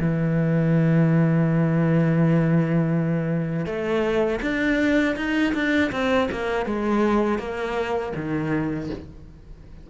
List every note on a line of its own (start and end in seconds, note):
0.00 3.66 E3
3.66 4.40 A3
4.42 5.16 D4
5.16 5.53 D#4
5.54 5.91 D4
5.92 6.29 C4
6.32 6.66 A#3
6.66 7.39 G#3
7.39 8.13 A#3
8.16 8.90 D#3